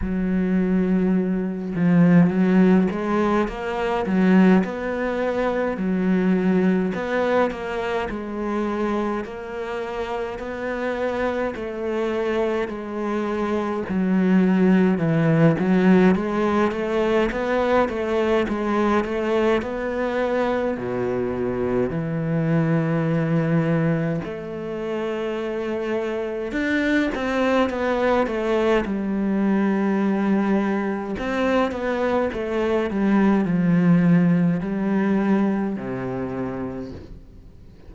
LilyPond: \new Staff \with { instrumentName = "cello" } { \time 4/4 \tempo 4 = 52 fis4. f8 fis8 gis8 ais8 fis8 | b4 fis4 b8 ais8 gis4 | ais4 b4 a4 gis4 | fis4 e8 fis8 gis8 a8 b8 a8 |
gis8 a8 b4 b,4 e4~ | e4 a2 d'8 c'8 | b8 a8 g2 c'8 b8 | a8 g8 f4 g4 c4 | }